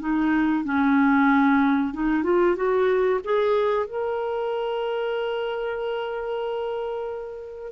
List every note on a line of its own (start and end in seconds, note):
0.00 0.65 D#4
0.65 1.94 C#4
1.94 2.23 D#4
2.23 2.56 F4
2.56 3.20 F#4
3.24 3.86 G#4
3.86 7.72 A#4